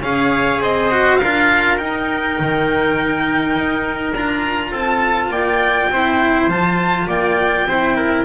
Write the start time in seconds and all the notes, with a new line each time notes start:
0.00 C#4 G#4 C#5 F5
0.60 C4 C5 D#5
0.91 F#4
1.17 D4 A#4 F5
1.23 F4
1.77 D#4 G5
2.39 D#3
3.55 D#4
4.13 D4 F4 A#5
4.71 C4 A4 A5
5.29 A#3 D5 G5
5.89 C4 E4 C5
6.47 F3 F4 A5
7.07 A#3 D5 G5
7.65 C4 E4 C5
7.96 A#4